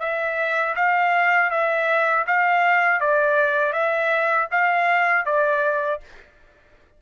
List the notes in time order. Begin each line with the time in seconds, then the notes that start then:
0.00 E5
0.76 F5
1.51 E5
2.27 F5
3.01 D5
3.73 E5
4.52 F5
5.26 D5